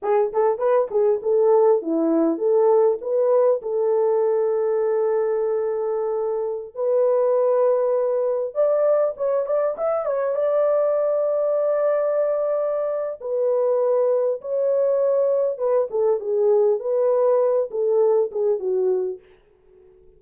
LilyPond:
\new Staff \with { instrumentName = "horn" } { \time 4/4 \tempo 4 = 100 gis'8 a'8 b'8 gis'8 a'4 e'4 | a'4 b'4 a'2~ | a'2.~ a'16 b'8.~ | b'2~ b'16 d''4 cis''8 d''16~ |
d''16 e''8 cis''8 d''2~ d''8.~ | d''2 b'2 | cis''2 b'8 a'8 gis'4 | b'4. a'4 gis'8 fis'4 | }